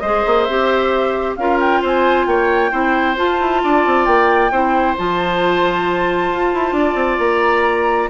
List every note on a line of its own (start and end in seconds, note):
0.00 0.25 G#3
0.00 0.49 G#4
0.00 1.36 C5
0.00 0.44 D#5
0.26 0.48 A#3
0.44 1.37 C4
0.44 1.39 G4
0.44 1.33 E5
1.36 1.82 C#4
1.36 2.71 F4
1.36 1.82 A#4
1.36 1.59 F5
1.60 1.82 G5
1.82 2.27 C4
1.82 2.26 C5
1.82 2.26 G#5
2.26 2.72 A#3
2.26 2.71 C#5
2.26 3.16 G5
2.71 3.17 C4
2.71 3.16 E4
2.71 3.61 C5
3.16 4.51 F4
3.16 3.40 F4
3.16 4.05 A5
3.40 3.63 E4
3.64 3.86 D4
3.64 4.52 D5
3.86 4.07 C4
4.05 4.51 A#3
4.05 4.95 G5
4.51 4.96 C4
4.51 4.97 E4
4.51 6.76 C5
4.97 6.30 F3
4.97 8.10 F4
4.97 7.19 A5
6.30 6.53 F4
6.53 6.72 E4
6.72 6.94 D4
6.72 8.10 D5
6.95 7.17 C4
7.19 8.08 A#3
7.19 8.09 A#5